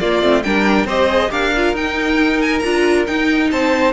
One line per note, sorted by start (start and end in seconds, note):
0.00 0.22 A#3
0.00 0.44 F4
0.00 0.43 D5
0.22 0.44 A3
0.22 0.44 C4
0.43 0.85 G3
0.43 0.88 D4
0.43 0.86 A#4
0.43 0.87 G5
0.85 1.29 C4
0.85 1.10 G4
0.85 1.30 C5
0.85 1.32 D#5
1.10 1.31 G#4
1.31 1.74 D4
1.31 1.53 G4
1.31 3.50 A#4
1.31 1.76 F5
1.56 1.76 F4
1.74 2.61 D#4
1.74 2.64 D#4
1.74 2.42 G5
2.42 2.59 G#5
2.59 3.08 D4
2.59 3.07 F4
2.59 3.03 A#5
3.07 3.93 D#4
3.07 3.52 D#4
3.07 3.51 G5
3.51 3.93 C4
3.51 3.93 C5
3.51 3.93 A5